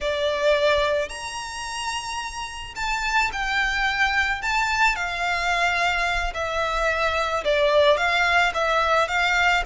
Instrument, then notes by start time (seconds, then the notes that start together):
violin
0.00 D5
1.09 A#5
2.75 A5
3.32 G5
4.42 A5
4.95 F5
6.34 E5
7.44 D5
7.97 F5
8.54 E5
9.08 F5